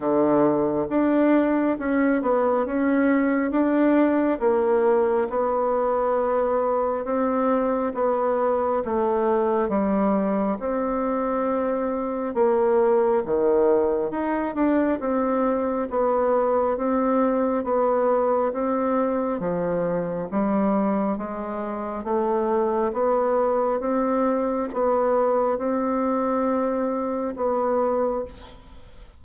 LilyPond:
\new Staff \with { instrumentName = "bassoon" } { \time 4/4 \tempo 4 = 68 d4 d'4 cis'8 b8 cis'4 | d'4 ais4 b2 | c'4 b4 a4 g4 | c'2 ais4 dis4 |
dis'8 d'8 c'4 b4 c'4 | b4 c'4 f4 g4 | gis4 a4 b4 c'4 | b4 c'2 b4 | }